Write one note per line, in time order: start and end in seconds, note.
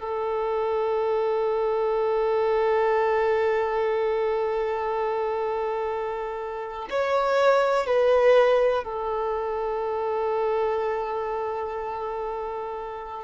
0.00 6.89 A4
6.90 7.86 C#5
7.86 8.84 B4
8.84 13.24 A4